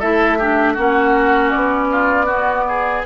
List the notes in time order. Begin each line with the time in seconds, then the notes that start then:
0.00 A3 E4 A4 E5
0.38 D4 G4
0.74 A#3 C#4 F#4 F#5
1.51 B3 D5
1.92 F4
2.26 B3 F#4
2.68 G#4